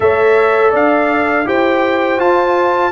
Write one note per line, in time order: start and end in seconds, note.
0.00 0.72 A3
0.00 1.45 A4
0.00 0.71 C#5
0.00 0.73 E5
0.71 1.46 D4
0.71 1.44 D5
0.71 1.48 F5
1.45 2.19 E4
1.45 2.18 G4
1.45 2.92 C5
1.45 2.20 G5
2.18 2.91 F4
2.18 2.92 F4
2.18 2.92 A5